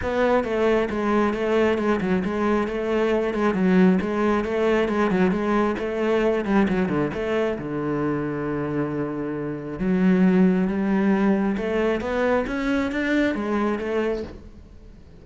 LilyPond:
\new Staff \with { instrumentName = "cello" } { \time 4/4 \tempo 4 = 135 b4 a4 gis4 a4 | gis8 fis8 gis4 a4. gis8 | fis4 gis4 a4 gis8 fis8 | gis4 a4. g8 fis8 d8 |
a4 d2.~ | d2 fis2 | g2 a4 b4 | cis'4 d'4 gis4 a4 | }